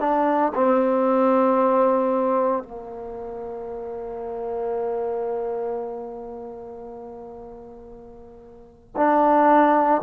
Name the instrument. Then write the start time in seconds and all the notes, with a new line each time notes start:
trombone
0.00 D4
0.55 C4
2.63 A#3
8.97 D4